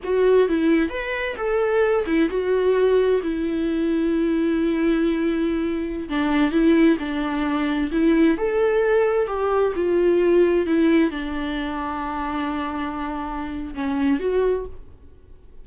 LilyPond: \new Staff \with { instrumentName = "viola" } { \time 4/4 \tempo 4 = 131 fis'4 e'4 b'4 a'4~ | a'8 e'8 fis'2 e'4~ | e'1~ | e'4~ e'16 d'4 e'4 d'8.~ |
d'4~ d'16 e'4 a'4.~ a'16~ | a'16 g'4 f'2 e'8.~ | e'16 d'2.~ d'8.~ | d'2 cis'4 fis'4 | }